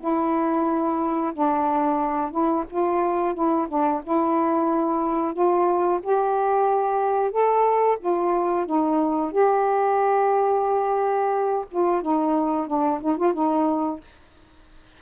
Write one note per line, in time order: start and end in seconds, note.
0.00 1.33 E4
1.34 2.31 D4
2.31 2.64 E4
2.70 3.34 F4
3.34 3.68 E4
3.68 4.02 D4
4.03 5.34 E4
5.34 6.00 F4
6.03 7.32 G4
7.32 7.98 A4
8.00 8.66 F4
8.66 9.32 D#4
9.32 11.65 G4
11.71 12.02 F4
12.02 12.67 D#4
12.67 13.00 D4
13.01 13.17 D#4
13.17 13.34 F4
13.34 14.00 D#4